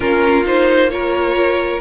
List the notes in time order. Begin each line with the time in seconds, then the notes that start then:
0.00 A#3 C#4 F4 A#4
0.45 D#4 C5
0.89 F4 A#4 C#5